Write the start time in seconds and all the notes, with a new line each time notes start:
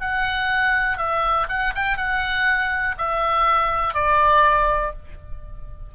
0.00 F#5
0.97 E5
1.48 F#5
1.75 G5
1.97 F#5
2.98 E5
3.94 D5